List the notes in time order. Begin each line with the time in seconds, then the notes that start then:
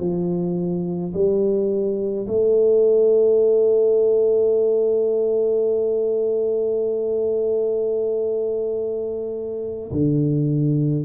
0.00 F3
1.14 G3
2.27 A3
9.92 D3